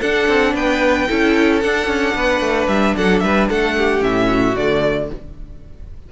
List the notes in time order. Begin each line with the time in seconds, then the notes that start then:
0.00 D4 A4 F#5
0.28 C4
0.54 B3 B4 G5
1.08 C#4 E4 A4
1.60 D4 F#5
1.87 C#4
2.15 B3 B4
2.40 A3
2.67 G3 E5
2.97 F#3 A4 F#5
3.19 G3 B4 E5
3.49 A3 A4 F#5
3.77 G4
4.00 A2 C#4 E5
4.26 F#4
4.56 D3 A3 D5